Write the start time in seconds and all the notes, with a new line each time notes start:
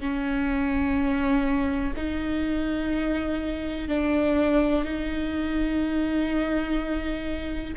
0.00 C#4
1.96 D#4
3.88 D4
4.84 D#4